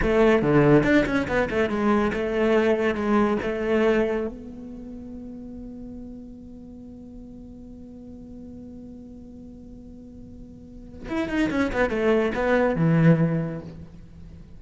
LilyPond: \new Staff \with { instrumentName = "cello" } { \time 4/4 \tempo 4 = 141 a4 d4 d'8 cis'8 b8 a8 | gis4 a2 gis4 | a2 b2~ | b1~ |
b1~ | b1~ | b2 e'8 dis'8 cis'8 b8 | a4 b4 e2 | }